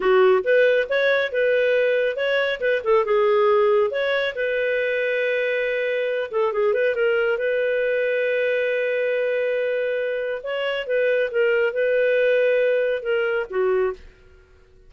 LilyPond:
\new Staff \with { instrumentName = "clarinet" } { \time 4/4 \tempo 4 = 138 fis'4 b'4 cis''4 b'4~ | b'4 cis''4 b'8 a'8 gis'4~ | gis'4 cis''4 b'2~ | b'2~ b'8 a'8 gis'8 b'8 |
ais'4 b'2.~ | b'1 | cis''4 b'4 ais'4 b'4~ | b'2 ais'4 fis'4 | }